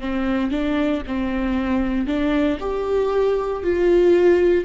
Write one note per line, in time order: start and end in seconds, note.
0.00 0.51 C4
0.51 1.02 D4
1.07 2.06 C4
2.06 2.58 D4
2.60 3.63 G4
3.63 4.64 F4